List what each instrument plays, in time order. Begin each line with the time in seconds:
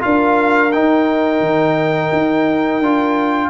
0.00 tuba D4, trombone F4, horn A#4, trumpet F5
0.72 trombone D#4, tuba D#4, trumpet G5
1.40 tuba D#3
2.12 tuba D#4
2.80 tuba D4, trombone F4